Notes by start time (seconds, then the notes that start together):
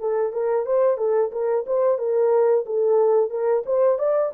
0.00 A4
0.33 A#4
0.66 C5
0.98 A4
1.32 A#4
1.67 C5
1.98 A#4
2.66 A4
3.30 A#4
3.66 C5
3.99 D5